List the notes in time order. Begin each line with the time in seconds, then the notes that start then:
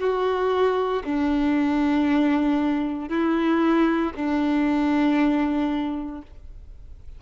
0.00 F#4
1.05 D4
3.10 E4
4.16 D4